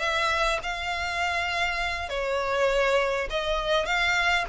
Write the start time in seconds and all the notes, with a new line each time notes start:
0.00 E5
0.63 F5
2.09 C#5
3.30 D#5
3.86 F5